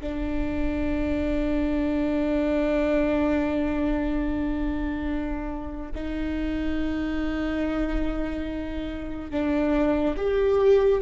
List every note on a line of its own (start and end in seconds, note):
0.00 5.92 D4
5.95 9.30 D#4
9.30 10.15 D4
10.16 11.01 G4